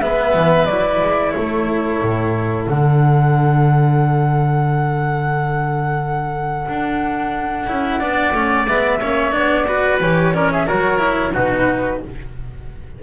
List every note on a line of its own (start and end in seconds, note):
0.00 0.33 G#3
0.00 0.69 B3
0.00 1.36 B4
0.00 0.66 E5
0.34 0.67 E3
0.66 1.00 F#3
0.66 2.68 E4
0.66 1.31 D5
1.01 1.34 G#3
1.31 2.02 A3
1.31 7.99 A4
1.31 2.64 C#5
2.02 2.67 A2
2.67 6.67 D3
2.67 7.67 D4
2.67 8.67 F#5
6.68 7.68 D4
7.67 8.01 C#4
7.67 8.00 E4
7.99 8.32 B3
7.99 8.34 D4
7.99 8.99 D5
8.32 8.66 A3
8.32 8.68 C#4
8.67 9.00 G#3
8.67 9.01 B3
8.67 9.32 E5
9.00 9.34 A#3
9.00 9.32 C#4
9.00 9.66 C#5
9.32 10.00 B3
9.32 9.65 D4
9.32 9.99 D5
9.67 10.01 F#4
9.67 10.34 B4
10.00 10.67 E3
10.00 10.34 G4
10.00 10.34 C#5
10.34 10.67 C#4
10.34 10.52 A#4
10.34 10.51 D5
10.51 10.67 G#4
10.51 10.67 E5
10.67 11.35 F#3
10.67 10.98 F#4
10.67 11.33 A#4
10.67 11.34 C#5
10.98 11.32 E4
11.33 12.02 B2
11.33 12.01 D#4
11.33 12.00 F#4
11.33 12.03 B4